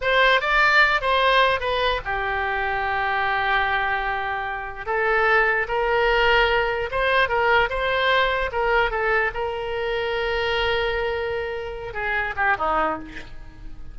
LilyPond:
\new Staff \with { instrumentName = "oboe" } { \time 4/4 \tempo 4 = 148 c''4 d''4. c''4. | b'4 g'2.~ | g'1 | a'2 ais'2~ |
ais'4 c''4 ais'4 c''4~ | c''4 ais'4 a'4 ais'4~ | ais'1~ | ais'4. gis'4 g'8 dis'4 | }